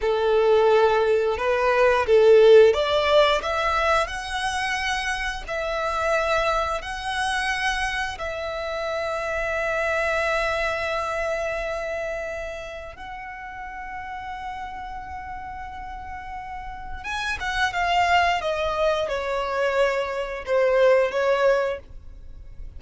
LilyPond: \new Staff \with { instrumentName = "violin" } { \time 4/4 \tempo 4 = 88 a'2 b'4 a'4 | d''4 e''4 fis''2 | e''2 fis''2 | e''1~ |
e''2. fis''4~ | fis''1~ | fis''4 gis''8 fis''8 f''4 dis''4 | cis''2 c''4 cis''4 | }